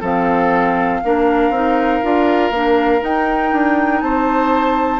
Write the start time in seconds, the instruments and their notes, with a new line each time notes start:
0.00 bassoon F3, clarinet C4, oboe A4, flute F5
1.04 bassoon A#3, clarinet D4, oboe A#4
1.49 bassoon C4, clarinet D#4
2.02 bassoon D4, clarinet F4
2.50 bassoon A#3, clarinet D4
3.00 clarinet D#4, bassoon D#4, flute G5
3.52 bassoon D4
4.00 bassoon C4, oboe C5, flute A5